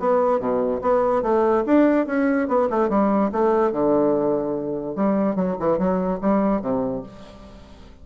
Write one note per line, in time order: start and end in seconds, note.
0.00 0.40 B3
0.40 0.81 B2
0.82 1.23 B3
1.23 1.64 A3
1.66 2.07 D4
2.07 2.48 C#4
2.48 2.69 B3
2.70 2.89 A3
2.89 3.31 G3
3.32 3.72 A3
3.72 4.96 D3
4.96 5.36 G3
5.36 5.57 F#3
5.60 5.79 E3
5.79 6.20 F#3
6.21 6.62 G3
6.62 7.03 C3